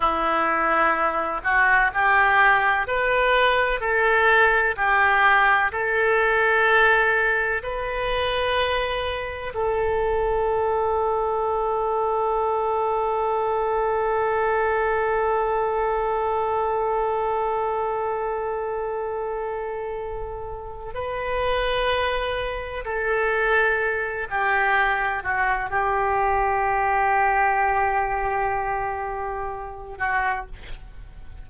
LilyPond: \new Staff \with { instrumentName = "oboe" } { \time 4/4 \tempo 4 = 63 e'4. fis'8 g'4 b'4 | a'4 g'4 a'2 | b'2 a'2~ | a'1~ |
a'1~ | a'2 b'2 | a'4. g'4 fis'8 g'4~ | g'2.~ g'8 fis'8 | }